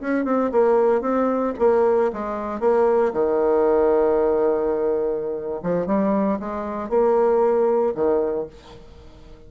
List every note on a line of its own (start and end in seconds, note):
0.00 0.24 C#4
0.24 0.51 C4
0.51 1.01 A#3
1.01 1.53 C4
1.58 2.11 A#3
2.12 2.60 G#3
2.60 3.12 A#3
3.13 5.60 D#3
5.62 5.86 F3
5.86 6.38 G3
6.39 6.89 G#3
6.89 7.93 A#3
7.94 8.46 D#3